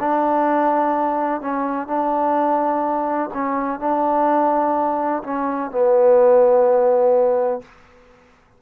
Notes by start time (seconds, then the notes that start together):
0.00 D4
1.42 C#4
1.88 D4
3.34 C#4
3.80 D4
5.24 C#4
5.71 B3